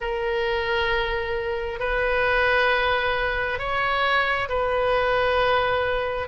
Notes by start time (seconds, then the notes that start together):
0.00 A#4
1.79 B4
3.59 C#5
4.49 B4